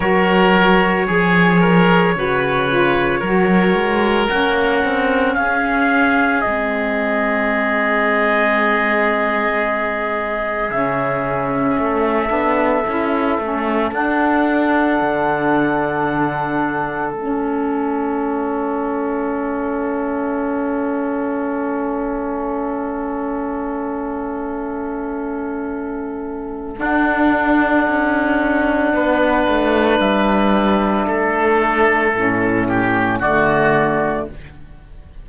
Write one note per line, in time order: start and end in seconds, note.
0.00 1.07 F#3
0.00 1.08 F#4
0.00 1.06 A#4
0.00 4.28 C#5
1.06 2.15 F3
1.06 1.60 G#4
1.06 2.15 G#4
1.60 2.14 A#4
2.15 3.21 C#3
2.15 2.69 F#4
2.15 3.19 B4
2.69 3.23 F4
3.19 3.73 F#3
3.19 4.28 F#4
3.19 5.33 A#4
3.73 4.27 G#3
4.28 4.84 A#3
4.28 6.42 C#4
4.28 5.34 F#5
4.84 5.36 C4
5.34 6.43 C#4
5.34 11.81 G#4
5.34 6.41 F5
6.41 10.70 G#3
6.41 10.70 C4
6.41 10.69 D#5
10.70 11.77 C#3
10.70 12.28 C#4
10.70 13.92 E5
11.78 12.29 A3
11.78 28.93 A4
12.28 12.83 B3
12.28 12.81 D4
12.87 13.38 C#4
12.87 13.40 E4
13.38 13.91 A3
13.38 13.92 C#4
13.91 14.98 D4
13.91 17.14 D4
13.91 17.11 F#5
15.01 17.13 D3
17.11 26.77 A3
17.11 26.76 C#4
17.11 26.75 E5
26.76 32.11 D4
26.76 27.87 D4
26.76 30.00 F#5
27.87 28.93 C#4
28.93 29.47 B3
28.93 31.06 B4
29.48 29.99 A3
29.99 31.06 G3
29.99 33.21 E5
31.06 32.14 A3
31.06 32.67 A4
32.14 33.21 A2
32.14 33.22 C#4
32.68 33.19 G4
33.19 34.28 D3
33.19 34.29 A3
33.19 34.26 F#4
33.19 34.28 D5